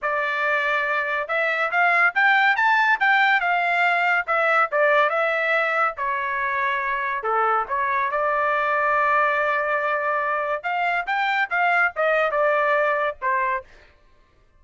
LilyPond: \new Staff \with { instrumentName = "trumpet" } { \time 4/4 \tempo 4 = 141 d''2. e''4 | f''4 g''4 a''4 g''4 | f''2 e''4 d''4 | e''2 cis''2~ |
cis''4 a'4 cis''4 d''4~ | d''1~ | d''4 f''4 g''4 f''4 | dis''4 d''2 c''4 | }